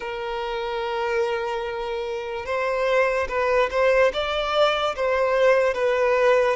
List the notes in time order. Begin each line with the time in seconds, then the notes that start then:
0.00 A#4
2.45 C5
3.28 B4
3.71 C5
4.13 D5
4.96 C5
5.73 B4